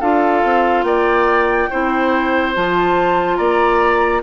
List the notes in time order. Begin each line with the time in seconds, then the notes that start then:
0.00 D4 F4 A4 F5
0.44 C4
0.83 A#3 D5 G5
1.69 C4 E4 C5
2.54 F3 F4 A5
3.36 A#3 D5 A#5